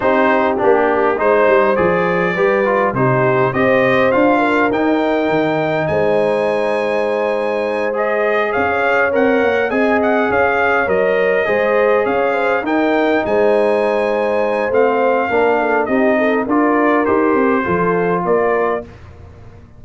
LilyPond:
<<
  \new Staff \with { instrumentName = "trumpet" } { \time 4/4 \tempo 4 = 102 c''4 g'4 c''4 d''4~ | d''4 c''4 dis''4 f''4 | g''2 gis''2~ | gis''4. dis''4 f''4 fis''8~ |
fis''8 gis''8 fis''8 f''4 dis''4.~ | dis''8 f''4 g''4 gis''4.~ | gis''4 f''2 dis''4 | d''4 c''2 d''4 | }
  \new Staff \with { instrumentName = "horn" } { \time 4/4 g'2 c''2 | b'4 g'4 c''4. ais'8~ | ais'2 c''2~ | c''2~ c''8 cis''4.~ |
cis''8 dis''4 cis''2 c''8~ | c''8 cis''8 c''8 ais'4 c''4.~ | c''2 ais'8 a'8 g'8 a'8 | ais'2 a'4 ais'4 | }
  \new Staff \with { instrumentName = "trombone" } { \time 4/4 dis'4 d'4 dis'4 gis'4 | g'8 f'8 dis'4 g'4 f'4 | dis'1~ | dis'4. gis'2 ais'8~ |
ais'8 gis'2 ais'4 gis'8~ | gis'4. dis'2~ dis'8~ | dis'4 c'4 d'4 dis'4 | f'4 g'4 f'2 | }
  \new Staff \with { instrumentName = "tuba" } { \time 4/4 c'4 ais4 gis8 g8 f4 | g4 c4 c'4 d'4 | dis'4 dis4 gis2~ | gis2~ gis8 cis'4 c'8 |
ais8 c'4 cis'4 fis4 gis8~ | gis8 cis'4 dis'4 gis4.~ | gis4 a4 ais4 c'4 | d'4 dis'8 c'8 f4 ais4 | }
>>